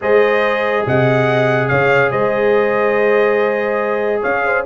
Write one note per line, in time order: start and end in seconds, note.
0.01 0.85 G#3
0.01 4.65 G#4
0.01 0.86 C5
0.01 0.86 D#5
0.85 1.70 C3
0.85 1.69 D#5
0.85 1.68 F#5
1.68 2.11 C#3
1.68 2.11 C#5
1.68 2.10 F5
2.11 4.22 G#3
2.11 4.20 C5
2.11 4.22 D#5
4.20 4.65 C#4
4.20 4.42 C#5
4.20 4.65 F5
4.45 4.65 C5